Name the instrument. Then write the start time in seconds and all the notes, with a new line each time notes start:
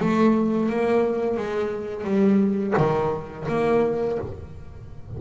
double bass
0.00 A3
0.70 A#3
1.37 G#3
2.05 G3
2.77 D#3
3.49 A#3